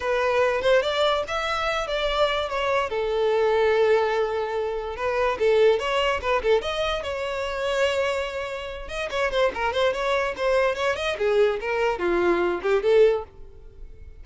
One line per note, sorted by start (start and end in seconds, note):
0.00 0.61 B4
0.61 0.82 C5
0.82 1.23 D5
1.27 1.87 E5
1.87 2.49 D5
2.49 2.89 C#5
2.89 4.96 A4
4.96 5.37 B4
5.39 5.79 A4
5.79 6.20 C#5
6.21 6.41 B4
6.42 6.61 A4
6.61 7.03 D#5
7.03 8.88 C#5
8.88 9.09 D#5
9.10 9.31 C#5
9.31 9.51 C5
9.54 9.73 A#4
9.73 9.93 C5
9.93 10.34 C#5
10.36 10.75 C5
10.75 10.95 C#5
10.96 11.16 D#5
11.18 11.59 G#4
11.60 11.98 A#4
11.98 12.60 F4
12.62 12.82 G4
12.82 13.24 A4